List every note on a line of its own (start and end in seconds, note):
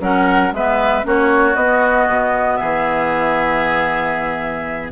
0.00 0.52 F#3
0.00 0.52 C#4
0.00 0.53 A#4
0.00 0.53 F#5
0.52 1.03 G#3
0.52 1.03 B3
0.52 1.06 B4
0.52 1.06 E5
1.03 1.55 A#3
1.03 1.55 C#4
1.03 2.59 F#4
1.03 1.55 C#5
1.55 2.07 B3
1.55 4.91 B3
1.55 2.56 D#5
2.07 2.58 B2
2.56 4.91 E3
2.56 4.91 G#4
2.56 4.89 E5